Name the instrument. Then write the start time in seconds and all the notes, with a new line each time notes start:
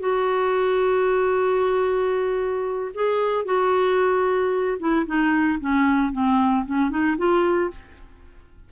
clarinet
0.00 F#4
2.95 G#4
3.45 F#4
4.80 E4
5.06 D#4
5.60 C#4
6.13 C4
6.66 C#4
6.91 D#4
7.18 F4